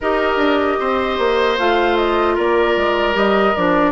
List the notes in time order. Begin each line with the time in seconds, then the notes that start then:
0.00 D#4 G4 A#4 D#5
0.36 D4
0.79 C4 C5
1.18 A#3
1.58 A3 F4 F5
1.96 D#5
2.34 A#3 A#4 D5
2.76 G#3
3.13 G3 G4 D#5
3.56 F3 D4 D5